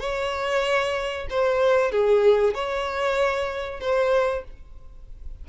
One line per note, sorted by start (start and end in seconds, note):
0.00 1.28 C#5
1.30 1.91 C5
1.91 2.54 G#4
2.54 3.81 C#5
3.81 4.44 C5